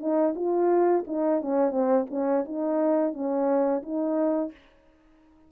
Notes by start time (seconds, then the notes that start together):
0.00 D#4
0.36 F4
1.07 D#4
1.42 C#4
1.71 C4
2.10 C#4
2.45 D#4
3.13 C#4
3.83 D#4